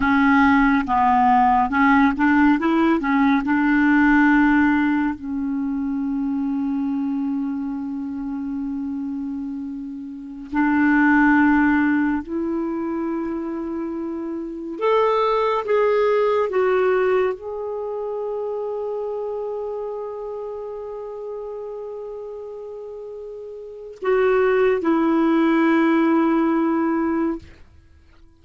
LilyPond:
\new Staff \with { instrumentName = "clarinet" } { \time 4/4 \tempo 4 = 70 cis'4 b4 cis'8 d'8 e'8 cis'8 | d'2 cis'2~ | cis'1~ | cis'16 d'2 e'4.~ e'16~ |
e'4~ e'16 a'4 gis'4 fis'8.~ | fis'16 gis'2.~ gis'8.~ | gis'1 | fis'4 e'2. | }